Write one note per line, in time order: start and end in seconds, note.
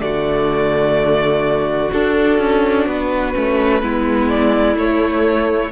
0.00 1.92 D3
0.00 1.90 A3
0.00 3.82 F#4
0.00 1.91 D5
1.93 2.39 D4
1.93 3.34 D4
1.93 2.88 A4
2.39 2.86 C#4
2.87 3.34 B3
2.87 4.29 B4
3.34 3.83 A3
3.34 3.82 C#4
3.82 4.76 G#3
3.82 4.77 B3
3.82 5.72 E4
4.29 4.77 D5
4.76 5.71 A3
4.76 5.72 A3
4.76 5.72 C#5